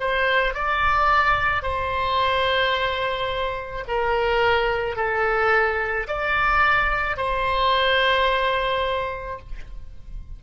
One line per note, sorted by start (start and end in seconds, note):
0.00 0.54 C5
0.54 1.62 D5
1.62 3.84 C5
3.87 4.96 A#4
4.96 6.07 A4
6.08 7.17 D5
7.17 9.39 C5